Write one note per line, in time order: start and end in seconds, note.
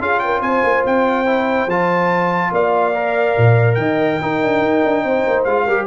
0.00 0.42 C#4
0.00 1.26 F4
0.00 0.23 G#4
0.00 0.20 F5
0.20 0.43 A#4
0.20 0.41 G5
0.42 0.63 C4
0.42 2.53 C5
0.42 0.84 G#5
0.64 0.85 A#3
0.86 1.67 C4
0.86 1.70 G5
1.26 1.68 E4
1.67 2.51 F3
1.67 2.95 F4
1.67 2.54 A5
2.52 3.36 A#3
2.52 3.79 D5
2.52 3.75 F5
2.95 4.21 A#4
3.38 3.77 A#2
3.75 4.19 D#3
3.75 4.22 D#5
3.75 5.43 G5
4.22 5.48 D#4
4.22 4.44 D#4
4.22 5.04 A#4
4.44 4.62 D4
4.62 4.83 D#4
4.85 5.04 D4
5.04 5.25 C4
5.04 5.65 C5
5.28 5.46 A#3
5.44 5.67 G#3
5.44 5.69 F4
5.44 5.86 F5
5.65 5.88 G3
5.65 5.88 G4
5.65 5.86 A#4